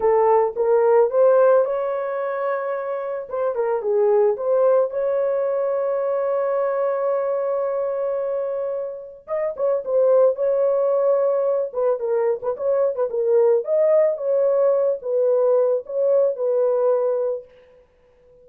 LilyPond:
\new Staff \with { instrumentName = "horn" } { \time 4/4 \tempo 4 = 110 a'4 ais'4 c''4 cis''4~ | cis''2 c''8 ais'8 gis'4 | c''4 cis''2.~ | cis''1~ |
cis''4 dis''8 cis''8 c''4 cis''4~ | cis''4. b'8 ais'8. b'16 cis''8. b'16 | ais'4 dis''4 cis''4. b'8~ | b'4 cis''4 b'2 | }